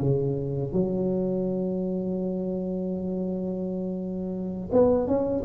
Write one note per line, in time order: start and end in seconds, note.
0.00 0.72 C#3
0.72 4.70 F#3
4.72 5.07 B3
5.07 5.43 C#4